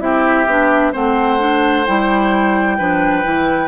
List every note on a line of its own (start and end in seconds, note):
0.00 0.46 C4
0.00 0.46 E4
0.00 0.92 G4
0.00 0.93 E5
0.46 0.92 B3
0.46 0.93 D4
0.92 1.88 A3
0.92 1.39 C4
0.92 2.77 C5
0.92 1.87 F#5
1.39 1.85 D4
1.87 2.79 G3
1.87 2.79 E4
1.87 3.68 G5
2.78 3.25 F3
2.78 3.24 D4
2.78 3.68 B4
3.24 3.68 E3
3.24 3.68 E4